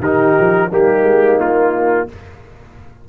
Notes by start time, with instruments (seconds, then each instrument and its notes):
0.00 tuba D#3, trombone D#4, horn G4, trumpet A#4
0.40 tuba F3
0.70 tuba G3, trombone A#3, horn D#4, trumpet G4
1.03 tuba G#3
1.38 tuba A#3, trumpet F4